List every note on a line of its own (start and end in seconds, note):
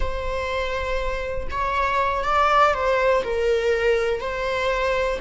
0.00 1.47 C5
1.51 2.24 C#5
2.24 2.74 D5
2.74 3.23 C5
3.23 4.20 A#4
4.20 5.19 C5